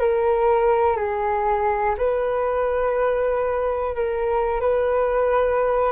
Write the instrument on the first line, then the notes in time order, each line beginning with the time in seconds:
flute
0.00 A#4
0.97 G#4
1.98 B4
3.96 A#4
4.61 B4